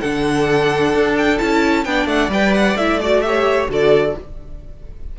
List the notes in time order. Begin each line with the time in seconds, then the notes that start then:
0.00 D3 D4 A4 F#5
0.94 D4
1.17 G5
1.38 C#4 E4 A5
1.84 B3 D4 D5 G5
2.05 A3 F#5
2.29 G3 B4 G5
2.54 F#5
2.75 A3 E4 E5
3.01 F#4 D5
3.21 G4 E5
3.27 C#5
3.68 D3 F#4 A4 D5